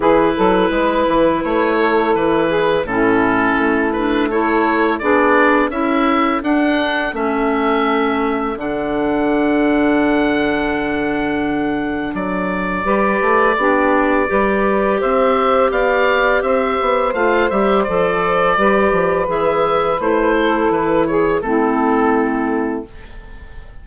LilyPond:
<<
  \new Staff \with { instrumentName = "oboe" } { \time 4/4 \tempo 4 = 84 b'2 cis''4 b'4 | a'4. b'8 cis''4 d''4 | e''4 fis''4 e''2 | fis''1~ |
fis''4 d''2.~ | d''4 e''4 f''4 e''4 | f''8 e''8 d''2 e''4 | c''4 b'8 cis''8 a'2 | }
  \new Staff \with { instrumentName = "saxophone" } { \time 4/4 gis'8 a'8 b'4. a'4 gis'8 | e'2 a'4 gis'4 | a'1~ | a'1~ |
a'2 b'4 g'4 | b'4 c''4 d''4 c''4~ | c''2 b'2~ | b'8 a'4 gis'8 e'2 | }
  \new Staff \with { instrumentName = "clarinet" } { \time 4/4 e'1 | cis'4. d'8 e'4 d'4 | e'4 d'4 cis'2 | d'1~ |
d'2 g'4 d'4 | g'1 | f'8 g'8 a'4 g'4 gis'4 | e'2 c'2 | }
  \new Staff \with { instrumentName = "bassoon" } { \time 4/4 e8 fis8 gis8 e8 a4 e4 | a,4 a2 b4 | cis'4 d'4 a2 | d1~ |
d4 fis4 g8 a8 b4 | g4 c'4 b4 c'8 b8 | a8 g8 f4 g8 f8 e4 | a4 e4 a2 | }
>>